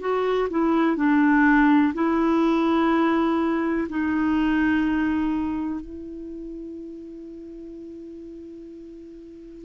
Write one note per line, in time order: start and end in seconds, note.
0.00 0.48 F#4
0.50 0.96 E4
0.96 1.93 D4
1.94 3.88 E4
3.89 5.80 D#4
5.80 9.65 E4